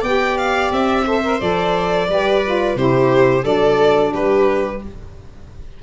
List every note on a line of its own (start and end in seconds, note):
0.00 0.70 B3
0.00 1.05 G4
0.00 1.02 D5
0.00 0.37 G5
0.37 0.71 F5
0.70 1.39 C4
0.70 1.40 E5
1.05 1.22 A4
1.05 2.09 C5
1.23 1.39 A#4
1.39 2.09 F3
1.39 2.08 A4
1.39 2.76 D5
2.08 2.75 G3
2.08 2.42 G4
2.08 2.78 B4
2.45 2.76 F4
2.75 3.43 C3
2.75 3.41 E4
2.75 3.43 G4
2.75 3.44 C5
3.41 4.12 F#3
3.41 4.78 D4
3.41 4.11 A4
3.41 4.13 D5
4.13 4.81 G3
4.13 4.81 G4
4.13 4.82 B4